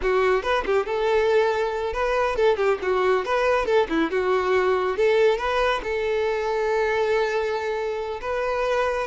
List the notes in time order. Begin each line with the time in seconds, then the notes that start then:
0.02 F#4
0.42 B4
0.65 G4
0.86 A4
1.93 B4
2.35 A4
2.56 G4
2.82 F#4
3.25 B4
3.65 A4
3.89 E4
4.10 F#4
4.97 A4
5.38 B4
5.83 A4
8.21 B4